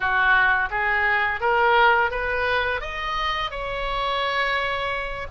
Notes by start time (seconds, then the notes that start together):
0.00 F#4
0.70 G#4
1.40 A#4
2.10 B4
2.80 D#5
3.50 C#5